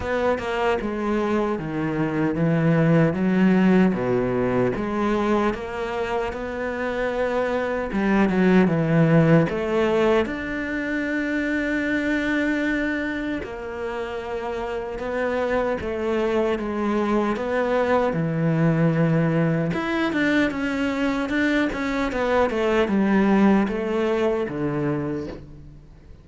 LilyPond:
\new Staff \with { instrumentName = "cello" } { \time 4/4 \tempo 4 = 76 b8 ais8 gis4 dis4 e4 | fis4 b,4 gis4 ais4 | b2 g8 fis8 e4 | a4 d'2.~ |
d'4 ais2 b4 | a4 gis4 b4 e4~ | e4 e'8 d'8 cis'4 d'8 cis'8 | b8 a8 g4 a4 d4 | }